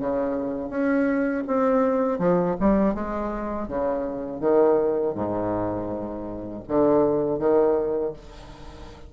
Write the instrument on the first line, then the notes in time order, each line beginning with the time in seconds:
bassoon
0.00 C#3
0.70 C#4
1.47 C4
2.19 F3
2.61 G3
2.95 G#3
3.68 C#3
4.41 D#3
5.15 G#2
6.68 D3
7.40 D#3